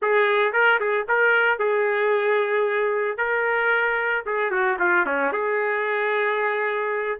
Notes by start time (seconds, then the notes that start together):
0.02 G#4
0.52 A#4
0.79 G#4
1.08 A#4
1.58 G#4
3.17 A#4
4.26 G#4
4.50 F#4
4.79 F4
5.06 C#4
5.32 G#4